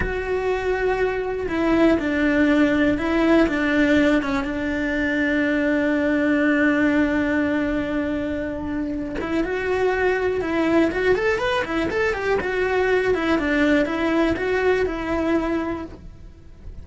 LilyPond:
\new Staff \with { instrumentName = "cello" } { \time 4/4 \tempo 4 = 121 fis'2. e'4 | d'2 e'4 d'4~ | d'8 cis'8 d'2.~ | d'1~ |
d'2~ d'8 e'8 fis'4~ | fis'4 e'4 fis'8 a'8 b'8 e'8 | a'8 g'8 fis'4. e'8 d'4 | e'4 fis'4 e'2 | }